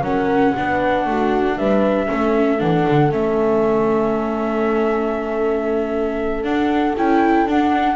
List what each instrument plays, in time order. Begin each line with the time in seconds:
0.00 double bass F#3, viola C#4, horn A#4, flute F#5
0.56 double bass B3, viola D4, horn B4
1.05 double bass A3, horn F#4
1.57 double bass G3, horn B4, flute E5
2.06 double bass A3, viola C#4, horn A4
2.58 double bass E3, viola D4, flute F#5
2.88 double bass D3
3.11 double bass A3, viola C#4, flute E5
6.43 double bass D4, viola D4, flute F#5
6.97 double bass C#4, viola E4, flute G5
7.45 double bass D4, viola D4, flute F#5